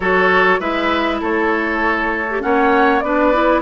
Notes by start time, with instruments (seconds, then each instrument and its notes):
0.00 bassoon F#3, clarinet F#4, oboe A4, flute C#5
0.59 bassoon G#3, clarinet E4, oboe B4, flute E5
1.21 bassoon A3, oboe A4, flute C#5
2.30 clarinet G4
2.40 bassoon A#3, clarinet C#4, oboe C#5, flute F#5
2.99 bassoon B3, clarinet D4, oboe B4, flute D5
3.32 clarinet E4